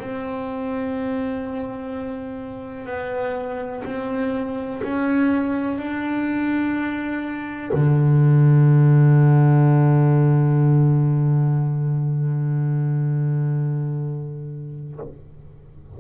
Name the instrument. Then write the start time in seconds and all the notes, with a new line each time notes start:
double bass
0.00 C4
2.86 B3
3.85 C4
4.83 C#4
5.78 D4
7.73 D3